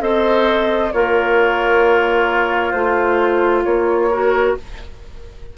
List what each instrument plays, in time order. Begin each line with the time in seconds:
0.00 bassoon C4, clarinet A4, oboe C5, flute D#5
0.92 bassoon A#3, oboe F4, clarinet A#4, flute C#5
2.72 bassoon A3, clarinet F4, flute C5
3.63 bassoon A#3, flute C#5
4.10 clarinet F#4, oboe A#4